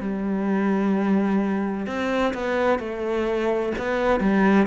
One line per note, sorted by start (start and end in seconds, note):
0.00 1.86 G3
1.86 2.33 C4
2.33 2.78 B3
2.78 3.72 A3
3.78 4.20 B3
4.20 4.66 G3